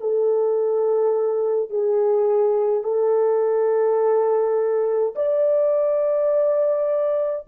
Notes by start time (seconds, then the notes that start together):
0.00 A4
1.69 G#4
2.83 A4
5.15 D5